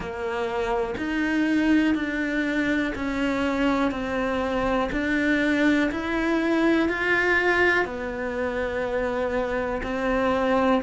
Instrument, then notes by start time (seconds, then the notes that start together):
cello
0.00 A#3
0.97 D#4
1.94 D4
2.95 C#4
3.91 C4
4.92 D4
5.91 E4
6.89 F4
7.85 B3
9.82 C4